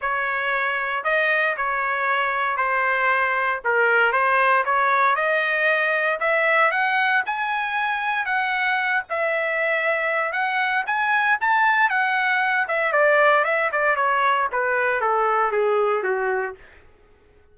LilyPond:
\new Staff \with { instrumentName = "trumpet" } { \time 4/4 \tempo 4 = 116 cis''2 dis''4 cis''4~ | cis''4 c''2 ais'4 | c''4 cis''4 dis''2 | e''4 fis''4 gis''2 |
fis''4. e''2~ e''8 | fis''4 gis''4 a''4 fis''4~ | fis''8 e''8 d''4 e''8 d''8 cis''4 | b'4 a'4 gis'4 fis'4 | }